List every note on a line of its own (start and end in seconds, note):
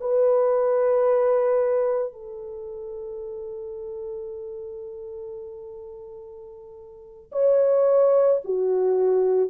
0.00 2.12 B4
2.12 7.31 A4
7.31 8.40 C#5
8.44 9.50 F#4